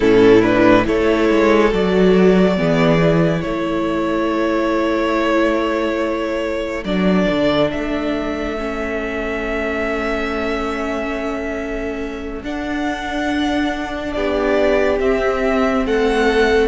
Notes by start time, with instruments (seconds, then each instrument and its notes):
0.00 cello A2, viola C#4, violin E4 A4
0.41 viola D4, violin B4
0.84 cello A3, viola E4, violin A4 C#5
1.29 cello G#3
1.71 cello F#3, viola F#4, violin D5
2.56 cello E3, viola B3, violin G#4
2.99 viola E4
3.41 cello A3, violin A4 C#5
6.84 cello F#3, viola D4, violin D5
7.30 cello D3
7.70 cello A3, violin E5
8.58 viola C#4
12.42 cello D4, viola D4, violin F#5
14.12 cello B3, violin G4 D5
14.99 cello C4, viola C4, violin E5
15.85 cello A3, violin A4 F#5